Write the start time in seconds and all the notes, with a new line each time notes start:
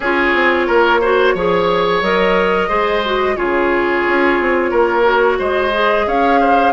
0.00 C#4 F4 G#4 C#5
0.34 C4
0.66 A#3 A#4
1.01 F#4 C5
1.34 F3 G#4 C#5
2.01 F#3 A#4 D#5
2.68 G#3 G#4 C5
3.05 F#4
3.36 C#3 F4 G#4 C#5
4.07 C#4
4.40 C4
4.70 A#3 A#4
5.03 F#4
5.38 G#3 C5 D#5
5.72 G#4
6.06 C#4 C#5 F5
6.40 C5